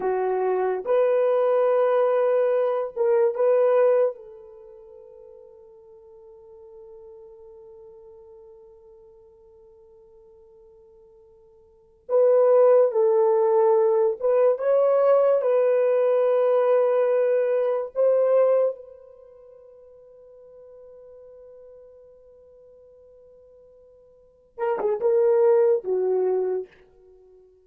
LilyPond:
\new Staff \with { instrumentName = "horn" } { \time 4/4 \tempo 4 = 72 fis'4 b'2~ b'8 ais'8 | b'4 a'2.~ | a'1~ | a'2~ a'8 b'4 a'8~ |
a'4 b'8 cis''4 b'4.~ | b'4. c''4 b'4.~ | b'1~ | b'4. ais'16 gis'16 ais'4 fis'4 | }